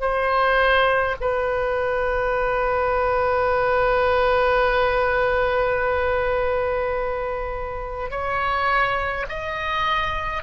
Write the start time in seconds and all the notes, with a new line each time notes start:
0.00 C5
1.20 B4
8.10 C#5
9.29 D#5